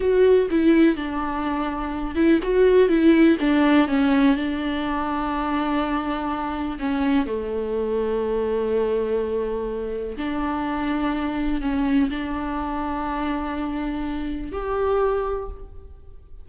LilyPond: \new Staff \with { instrumentName = "viola" } { \time 4/4 \tempo 4 = 124 fis'4 e'4 d'2~ | d'8 e'8 fis'4 e'4 d'4 | cis'4 d'2.~ | d'2 cis'4 a4~ |
a1~ | a4 d'2. | cis'4 d'2.~ | d'2 g'2 | }